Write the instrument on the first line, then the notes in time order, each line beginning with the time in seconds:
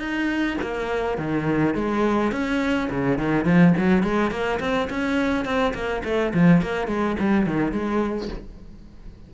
cello
0.00 D#4
0.62 A#3
1.18 D#3
1.75 G#3
2.32 C#4
2.90 C#3
3.19 D#3
3.45 F3
3.77 F#3
4.03 G#3
4.31 A#3
4.61 C4
4.90 C#4
5.45 C4
5.75 A#3
6.05 A3
6.34 F3
6.62 A#3
6.88 G#3
7.20 G3
7.47 D#3
7.72 G#3